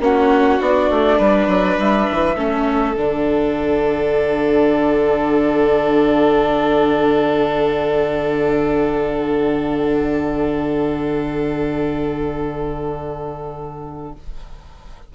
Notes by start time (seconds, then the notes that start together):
0.00 A#3 C#4 F#4 F#5
0.59 B3 D4 D5
0.90 A3
1.18 G3 B4
1.48 F#3
1.78 G3 E5
2.11 E3
2.36 A3 C#4 A4
2.96 D3 D4 F#5